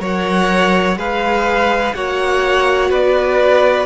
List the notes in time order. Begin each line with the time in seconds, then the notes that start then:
0.00 F#3 A#4 C#5 F#5
0.97 G#3 G#4 B4 F5
1.95 A#3 F#4 C#5 F#5
2.90 B3 B4 D5